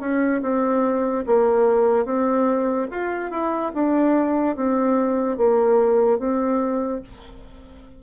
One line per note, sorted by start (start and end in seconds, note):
0.00 0.41 C#4
0.42 1.24 C4
1.26 2.05 A#3
2.05 2.87 C4
2.91 3.31 F4
3.31 3.72 E4
3.74 4.56 D4
4.56 5.37 C4
5.37 6.19 A#3
6.19 7.01 C4